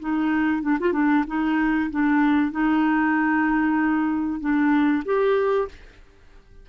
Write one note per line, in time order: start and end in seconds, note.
0.00 0.62 D#4
0.62 0.78 D4
0.80 0.93 F4
0.93 1.24 D4
1.27 1.90 D#4
1.91 2.51 D4
2.51 4.41 D#4
4.41 5.04 D4
5.05 5.68 G4